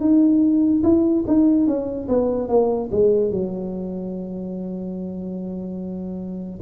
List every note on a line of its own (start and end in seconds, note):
0.00 0.82 D#4
0.83 1.24 E4
1.27 1.67 D#4
1.67 2.08 C#4
2.08 2.48 B3
2.48 2.90 A#3
2.92 3.31 G#3
3.31 6.60 F#3